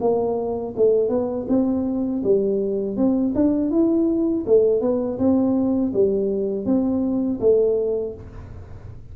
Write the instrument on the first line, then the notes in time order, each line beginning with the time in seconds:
tuba
0.00 A#3
0.76 A3
1.09 B3
1.48 C4
2.23 G3
2.96 C4
3.35 D4
3.70 E4
4.46 A3
4.81 B3
5.19 C4
5.93 G3
6.65 C4
7.40 A3